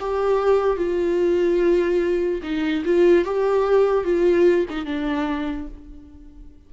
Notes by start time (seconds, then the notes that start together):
0.00 G4
0.77 F4
2.43 D#4
2.85 F4
3.25 G4
4.05 F4
4.70 D#4
4.86 D4